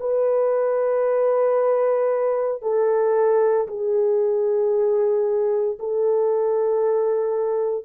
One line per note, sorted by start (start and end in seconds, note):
0.00 2.62 B4
2.62 3.67 A4
3.67 5.78 G#4
5.79 7.85 A4